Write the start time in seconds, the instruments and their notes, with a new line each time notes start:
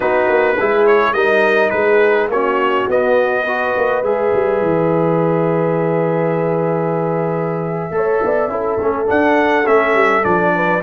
0.00 tuba B3, trombone D#4, horn F#4, trumpet B4
0.27 tuba A#3
0.58 tuba G#3, trombone E4, horn G#4
0.86 trumpet C#5
1.13 tuba G3, trombone D#4, horn A#4, trumpet D#5
1.70 tuba G#3, horn G#4, trumpet B4
2.28 tuba A#3, trombone C#4, horn F#4, trumpet C#5
2.88 tuba B3, trombone B3, trumpet D#5
3.43 trombone F#4, horn B4
3.76 tuba A#3
4.02 tuba G#3, trombone G#4, trumpet E5
4.33 tuba G3
4.61 tuba E3
7.91 tuba A3, trombone A4, horn C#5
8.23 tuba B3, horn D5
8.47 tuba C#4, trombone E4, horn A4
8.80 tuba A3, trombone C#4
9.06 trombone D4, tuba D4, trumpet F#5
9.65 tuba A3, trombone C#4, trumpet E5
9.94 tuba G3
10.22 tuba F3, trombone D4, trumpet D5
10.55 horn B4